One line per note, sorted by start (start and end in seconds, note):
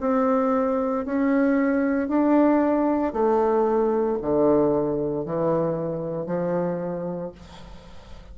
0.00 1.05 C4
1.05 2.08 C#4
2.08 3.13 D4
3.13 4.18 A3
4.22 5.25 D3
5.25 6.26 E3
6.26 7.32 F3